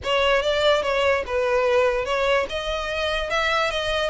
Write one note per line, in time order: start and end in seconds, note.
0.03 0.41 C#5
0.41 0.82 D5
0.82 1.23 C#5
1.26 2.05 B4
2.05 2.46 C#5
2.49 3.30 D#5
3.30 3.70 E5
3.70 4.10 D#5